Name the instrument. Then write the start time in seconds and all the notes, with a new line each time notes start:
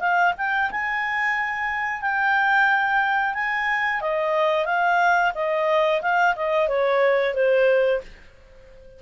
clarinet
0.00 F5
0.38 G5
0.71 G#5
2.02 G5
3.34 G#5
4.01 D#5
4.66 F5
5.35 D#5
6.02 F5
6.36 D#5
6.68 C#5
7.35 C5